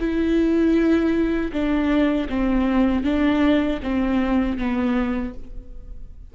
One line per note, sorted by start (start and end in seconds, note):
0.00 1.52 E4
1.53 2.29 D4
2.30 3.04 C4
3.04 3.80 D4
3.83 4.58 C4
4.58 5.34 B3